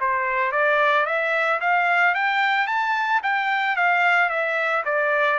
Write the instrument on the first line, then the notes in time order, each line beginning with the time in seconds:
trumpet
0.00 C5
0.52 D5
1.06 E5
1.60 F5
2.15 G5
2.67 A5
3.23 G5
3.76 F5
4.29 E5
4.85 D5